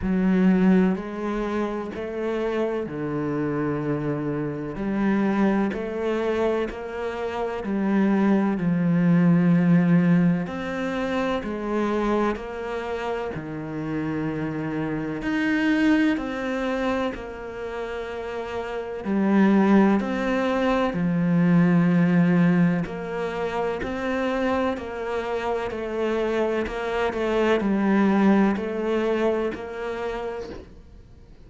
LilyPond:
\new Staff \with { instrumentName = "cello" } { \time 4/4 \tempo 4 = 63 fis4 gis4 a4 d4~ | d4 g4 a4 ais4 | g4 f2 c'4 | gis4 ais4 dis2 |
dis'4 c'4 ais2 | g4 c'4 f2 | ais4 c'4 ais4 a4 | ais8 a8 g4 a4 ais4 | }